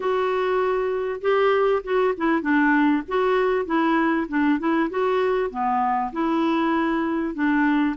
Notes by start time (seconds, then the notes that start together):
0.00 F#4
1.21 G4
1.83 F#4
2.17 E4
2.41 D4
3.08 F#4
3.65 E4
4.28 D4
4.59 E4
4.90 F#4
5.50 B3
6.12 E4
7.34 D4